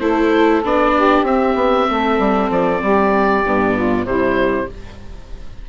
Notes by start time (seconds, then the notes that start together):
0.00 A3 E4 A4 C5
0.64 B3 D4 D5
0.96 G4
1.23 C4 E5
1.55 B3
1.90 A3 A4
2.19 G3
2.50 F3 D5
2.82 G3 G4
3.46 G2 B3
3.75 F4
4.05 C3 G3 E4 C5